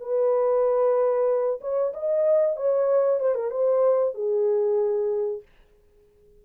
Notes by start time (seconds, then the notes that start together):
0.00 B4
1.60 C#5
1.93 D#5
2.56 C#5
3.20 C5
3.35 A#4
3.50 C5
4.14 G#4